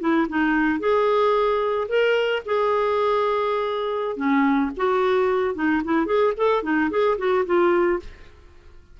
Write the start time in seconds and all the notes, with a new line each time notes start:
0.00 E4
0.29 D#4
0.80 G#4
1.88 A#4
2.45 G#4
4.16 C#4
4.77 F#4
5.55 D#4
5.84 E4
6.06 G#4
6.37 A4
6.63 D#4
6.90 G#4
7.18 F#4
7.45 F4